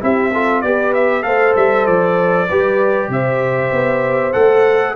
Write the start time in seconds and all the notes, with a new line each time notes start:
0.00 C4 E4 G4 E5
0.33 F4 A4
0.62 B3 G4 B4 D5
0.94 E5
1.23 A3 A4 C5 F5
1.56 G3 E5
1.86 F3 D5
2.48 G3 G4 B4
3.09 C3 C5 E5
3.72 B3
4.33 A3 A4 F#5